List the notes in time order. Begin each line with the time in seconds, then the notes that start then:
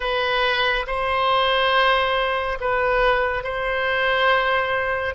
0.00 B4
0.86 C5
2.60 B4
3.43 C5